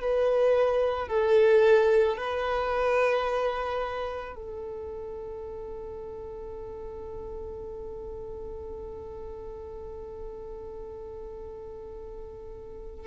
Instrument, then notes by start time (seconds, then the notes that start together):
violin
0.00 B4
1.08 A4
2.17 B4
4.35 A4